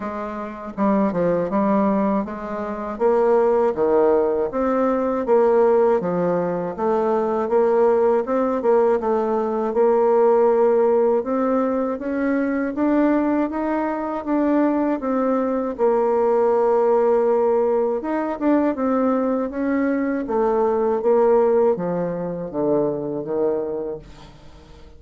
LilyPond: \new Staff \with { instrumentName = "bassoon" } { \time 4/4 \tempo 4 = 80 gis4 g8 f8 g4 gis4 | ais4 dis4 c'4 ais4 | f4 a4 ais4 c'8 ais8 | a4 ais2 c'4 |
cis'4 d'4 dis'4 d'4 | c'4 ais2. | dis'8 d'8 c'4 cis'4 a4 | ais4 f4 d4 dis4 | }